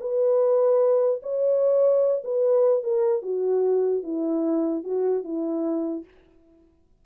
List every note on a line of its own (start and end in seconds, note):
0.00 1.21 B4
1.23 2.23 C#5
2.24 2.83 B4
2.83 3.22 A#4
3.22 4.03 F#4
4.03 4.84 E4
4.84 5.24 F#4
5.24 6.04 E4